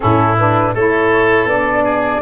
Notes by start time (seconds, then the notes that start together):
0.00 A2 C#4 E4 A4
0.37 D4 B4
0.74 A3 E4 A4 C#5
1.44 B3 D4 D5
1.84 G#4